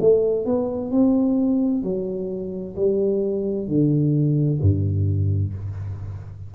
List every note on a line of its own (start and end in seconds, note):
0.00 0.45 A3
0.45 0.91 B3
0.91 1.83 C4
1.83 2.75 F#3
2.76 3.68 G3
3.68 4.60 D3
4.61 5.53 G2